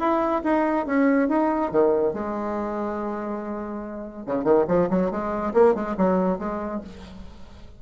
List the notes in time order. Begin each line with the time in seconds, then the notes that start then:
0.00 E4
0.44 D#4
0.87 C#4
1.29 D#4
1.72 D#3
2.14 G#3
4.27 C#3
4.44 D#3
4.68 F3
4.90 F#3
5.11 G#3
5.54 A#3
5.75 G#3
5.98 F#3
6.39 G#3